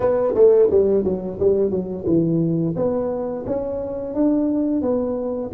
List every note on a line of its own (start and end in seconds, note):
0.00 0.34 B3
0.34 0.69 A3
0.70 1.04 G3
1.04 1.38 F#3
1.39 1.70 G3
1.70 2.05 F#3
2.06 2.75 E3
2.76 3.45 B3
3.46 4.14 C#4
4.14 4.81 D4
4.81 5.50 B3